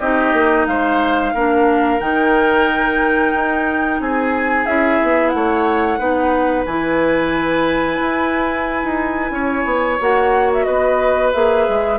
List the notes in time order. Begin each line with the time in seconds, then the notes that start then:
0.00 C4 D#4 G4 D#5
0.33 A#3
0.67 G#3 C5 F5
1.34 A#3 D4 A#4
2.00 D#3 D#4 G5
3.34 D#4
4.00 C4 G#4 G#5
4.66 C#4 E4 E5
5.02 B3
5.29 A3 F#5
5.36 C#5
5.99 B3 D#4 B4
6.66 E3 E4 G#5
8.01 E4
8.84 D#4
9.31 C#4 C#5
9.65 B3
10.01 A#3 F#4 F#5
10.53 E5
10.65 B3 B4 D#5
11.33 A#3 G#4 E5
11.69 G#3